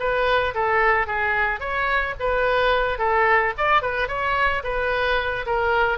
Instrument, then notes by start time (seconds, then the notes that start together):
oboe
0.00 B4
0.55 A4
1.07 G#4
1.60 C#5
2.20 B4
2.99 A4
3.58 D5
3.82 B4
4.09 C#5
4.64 B4
5.47 A#4